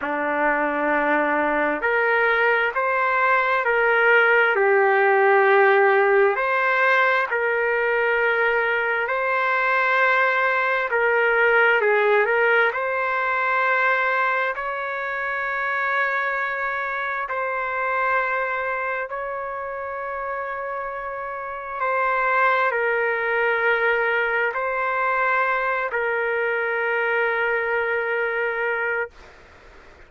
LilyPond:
\new Staff \with { instrumentName = "trumpet" } { \time 4/4 \tempo 4 = 66 d'2 ais'4 c''4 | ais'4 g'2 c''4 | ais'2 c''2 | ais'4 gis'8 ais'8 c''2 |
cis''2. c''4~ | c''4 cis''2. | c''4 ais'2 c''4~ | c''8 ais'2.~ ais'8 | }